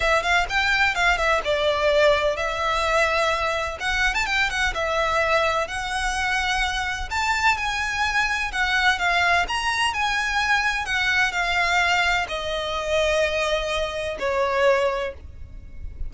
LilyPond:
\new Staff \with { instrumentName = "violin" } { \time 4/4 \tempo 4 = 127 e''8 f''8 g''4 f''8 e''8 d''4~ | d''4 e''2. | fis''8. a''16 g''8 fis''8 e''2 | fis''2. a''4 |
gis''2 fis''4 f''4 | ais''4 gis''2 fis''4 | f''2 dis''2~ | dis''2 cis''2 | }